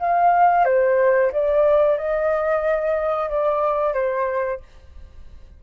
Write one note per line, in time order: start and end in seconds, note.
0.00 0.65 F5
0.65 1.32 C5
1.33 1.98 D5
1.98 3.30 D#5
3.30 3.94 D5
3.94 4.61 C5